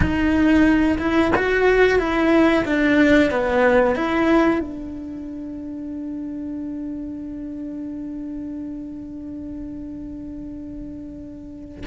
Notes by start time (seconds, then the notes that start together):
0.00 D#4
0.98 E4
1.35 F#4
1.98 E4
2.65 D4
3.31 B3
3.95 E4
4.60 D4